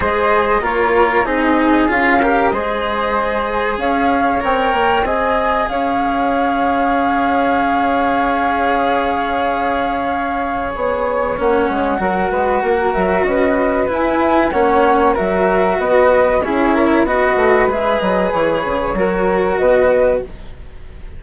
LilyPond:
<<
  \new Staff \with { instrumentName = "flute" } { \time 4/4 \tempo 4 = 95 dis''4 cis''4 dis''4 f''4 | dis''2 f''4 g''4 | gis''4 f''2.~ | f''1~ |
f''4 cis''4 fis''2~ | fis''8 e''8 dis''4 gis''4 fis''4 | e''4 dis''4 cis''4 dis''4 | e''8 dis''8 cis''2 dis''4 | }
  \new Staff \with { instrumentName = "flute" } { \time 4/4 c''4 ais'4 gis'4. ais'8 | c''2 cis''2 | dis''4 cis''2.~ | cis''1~ |
cis''2. ais'8 b'8 | ais'4 b'2 cis''4 | ais'4 b'4 gis'8 ais'8 b'4~ | b'2 ais'4 b'4 | }
  \new Staff \with { instrumentName = "cello" } { \time 4/4 gis'4 f'4 dis'4 f'8 g'8 | gis'2. ais'4 | gis'1~ | gis'1~ |
gis'2 cis'4 fis'4~ | fis'2 e'4 cis'4 | fis'2 e'4 fis'4 | gis'2 fis'2 | }
  \new Staff \with { instrumentName = "bassoon" } { \time 4/4 gis4 ais4 c'4 cis'4 | gis2 cis'4 c'8 ais8 | c'4 cis'2.~ | cis'1~ |
cis'4 b4 ais8 gis8 fis8 gis8 | ais8 fis8 cis'4 e'4 ais4 | fis4 b4 cis'4 b8 a8 | gis8 fis8 e8 cis8 fis4 b,4 | }
>>